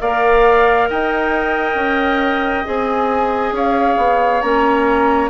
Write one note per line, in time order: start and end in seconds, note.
0.00 0.89 A#3
0.00 2.64 A#4
0.00 0.88 D5
0.00 0.88 F5
0.90 1.75 D#4
0.90 3.54 D#5
0.90 2.66 G5
1.75 2.63 C#4
2.64 3.51 C4
2.64 4.41 G#4
2.64 3.55 G#5
3.51 3.95 C#4
3.51 5.30 C#5
3.51 4.41 F5
3.97 4.41 B3
4.41 5.30 A#3
4.41 5.30 C#4
4.41 5.29 A#5